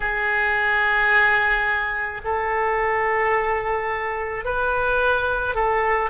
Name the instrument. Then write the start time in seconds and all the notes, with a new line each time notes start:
oboe
0.00 G#4
2.24 A4
4.44 B4
5.55 A4